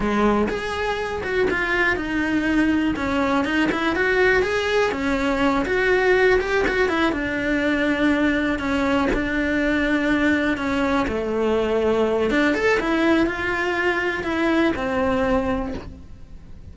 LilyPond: \new Staff \with { instrumentName = "cello" } { \time 4/4 \tempo 4 = 122 gis4 gis'4. fis'8 f'4 | dis'2 cis'4 dis'8 e'8 | fis'4 gis'4 cis'4. fis'8~ | fis'4 g'8 fis'8 e'8 d'4.~ |
d'4. cis'4 d'4.~ | d'4. cis'4 a4.~ | a4 d'8 a'8 e'4 f'4~ | f'4 e'4 c'2 | }